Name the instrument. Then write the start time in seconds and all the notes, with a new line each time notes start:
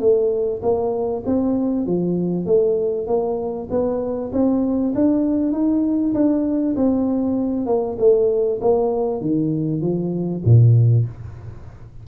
tuba
0.00 A3
0.62 A#3
1.26 C4
1.86 F3
2.46 A3
3.07 A#3
3.70 B3
4.33 C4
4.95 D4
5.52 D#4
6.14 D4
6.76 C4
7.66 A#3
7.99 A3
8.61 A#3
9.21 D#3
9.82 F3
10.45 A#2